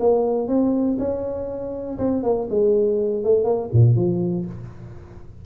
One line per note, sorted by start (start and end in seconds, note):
0.00 0.48 A#3
0.48 0.97 C4
0.99 1.98 C#4
1.98 2.23 C4
2.23 2.48 A#3
2.50 3.24 G#3
3.24 3.44 A3
3.44 3.69 A#3
3.73 3.96 A#2
3.96 4.45 F3